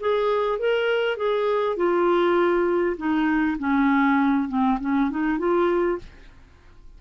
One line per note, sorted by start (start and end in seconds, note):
0.00 0.59 G#4
0.59 1.17 A#4
1.17 1.76 G#4
1.76 2.96 F4
2.97 3.57 D#4
3.58 4.48 C#4
4.48 4.78 C4
4.80 5.10 C#4
5.10 5.38 D#4
5.38 5.98 F4